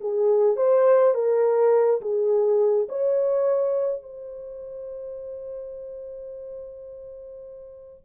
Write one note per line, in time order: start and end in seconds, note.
0.00 0.56 G#4
0.56 1.14 C5
1.14 2.01 A#4
2.01 2.87 G#4
2.88 4.02 C#5
4.02 8.05 C5